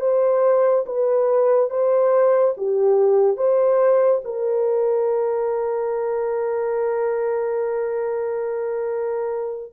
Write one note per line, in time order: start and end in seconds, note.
0.00 0.85 C5
0.85 1.69 B4
1.69 2.54 C5
2.57 3.36 G4
3.36 4.21 C5
4.24 9.72 A#4